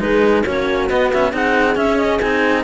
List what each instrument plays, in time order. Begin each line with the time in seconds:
0.00 cello G#3 D#4, horn G#4, clarinet B4
0.45 cello A#3 C#4, horn F#4, clarinet C#5
0.90 cello B3, clarinet D#5
1.13 cello C#4, clarinet E5
1.32 cello C4 D#4, horn G#4, clarinet F#5
1.76 cello C#4, clarinet E5
1.98 clarinet D#5
2.20 cello C4 D#4, clarinet G#5